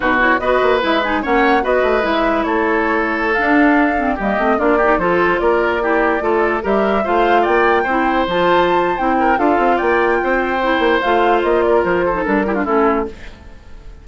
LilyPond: <<
  \new Staff \with { instrumentName = "flute" } { \time 4/4 \tempo 4 = 147 b'8 cis''8 dis''4 e''8 gis''8 fis''4 | dis''4 e''4 cis''2~ | cis''16 f''2 dis''4 d''8.~ | d''16 c''4 d''2~ d''8.~ |
d''16 e''4 f''4 g''4.~ g''16~ | g''16 a''4.~ a''16 g''4 f''4 | g''2. f''4 | dis''8 d''8 c''4 ais'4 a'4 | }
  \new Staff \with { instrumentName = "oboe" } { \time 4/4 fis'4 b'2 cis''4 | b'2 a'2~ | a'2~ a'16 g'4 f'8 g'16~ | g'16 a'4 ais'4 g'4 a'8.~ |
a'16 ais'4 c''4 d''4 c''8.~ | c''2~ c''8 ais'8 a'4 | d''4 c''2.~ | c''8 ais'4 a'4 g'16 f'16 e'4 | }
  \new Staff \with { instrumentName = "clarinet" } { \time 4/4 dis'8 e'8 fis'4 e'8 dis'8 cis'4 | fis'4 e'2.~ | e'16 d'4. c'8 ais8 c'8 d'8 dis'16~ | dis'16 f'2 e'4 f'8.~ |
f'16 g'4 f'2 e'8.~ | e'16 f'4.~ f'16 e'4 f'4~ | f'2 e'4 f'4~ | f'4.~ f'16 dis'16 d'8 e'16 d'16 cis'4 | }
  \new Staff \with { instrumentName = "bassoon" } { \time 4/4 b,4 b8 ais8 gis4 ais4 | b8 a8 gis4 a2~ | a16 d'2 g8 a8 ais8.~ | ais16 f4 ais2 a8.~ |
a16 g4 a4 ais4 c'8.~ | c'16 f4.~ f16 c'4 d'8 c'8 | ais4 c'4. ais8 a4 | ais4 f4 g4 a4 | }
>>